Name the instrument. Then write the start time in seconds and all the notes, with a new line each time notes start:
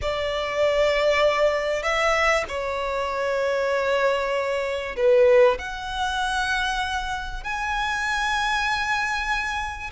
violin
0.01 D5
1.82 E5
2.48 C#5
4.96 B4
5.58 F#5
7.43 G#5